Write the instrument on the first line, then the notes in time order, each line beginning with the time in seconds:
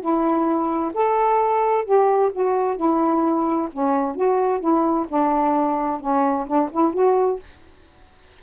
saxophone
0.00 E4
0.94 A4
1.85 G4
2.32 F#4
2.76 E4
3.72 C#4
4.15 F#4
4.60 E4
5.08 D4
6.00 C#4
6.46 D4
6.72 E4
6.93 F#4